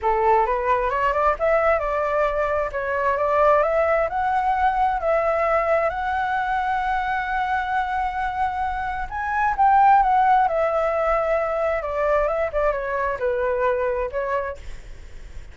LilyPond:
\new Staff \with { instrumentName = "flute" } { \time 4/4 \tempo 4 = 132 a'4 b'4 cis''8 d''8 e''4 | d''2 cis''4 d''4 | e''4 fis''2 e''4~ | e''4 fis''2.~ |
fis''1 | gis''4 g''4 fis''4 e''4~ | e''2 d''4 e''8 d''8 | cis''4 b'2 cis''4 | }